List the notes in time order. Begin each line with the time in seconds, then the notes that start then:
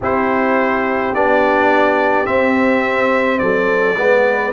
0.00 C4 E4 G4 C5
1.12 B3 D4 D5
2.25 C4 E5
3.38 F#3 A4 D5
3.97 G#3 B3 B4